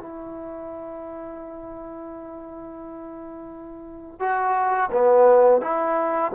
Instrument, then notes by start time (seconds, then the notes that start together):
trombone
0.00 E4
4.20 F#4
4.92 B3
5.61 E4